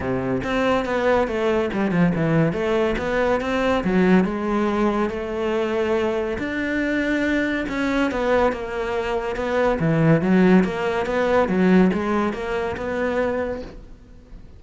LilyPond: \new Staff \with { instrumentName = "cello" } { \time 4/4 \tempo 4 = 141 c4 c'4 b4 a4 | g8 f8 e4 a4 b4 | c'4 fis4 gis2 | a2. d'4~ |
d'2 cis'4 b4 | ais2 b4 e4 | fis4 ais4 b4 fis4 | gis4 ais4 b2 | }